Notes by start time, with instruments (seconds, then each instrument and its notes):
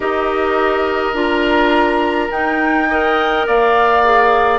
0.00 bassoon D#4, clarinet G4, oboe A#4, flute D#5
1.13 bassoon D4, clarinet F4, flute A#5
2.31 clarinet D#4, bassoon D#4, flute G5
2.89 clarinet A#4, oboe D#5
3.46 bassoon A#3, oboe D5, flute F5
4.04 clarinet G#4